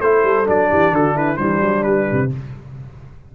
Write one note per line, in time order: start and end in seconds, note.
0.00 0.23 A3
0.00 0.45 E4
0.00 0.69 A4
0.00 0.46 C5
0.23 0.46 G3
0.45 0.71 F#3
0.45 1.37 D4
0.45 0.94 D5
0.69 0.91 E3
0.69 0.92 G4
0.91 1.37 D3
0.91 1.15 F#4
0.91 1.17 A4
1.15 1.37 E4
1.15 1.37 B4
1.37 1.61 E3
1.37 2.29 G3
1.37 2.30 D4
1.37 1.83 C5
1.61 1.84 F#3
1.83 2.07 G3
1.83 2.29 B4
2.12 2.35 C3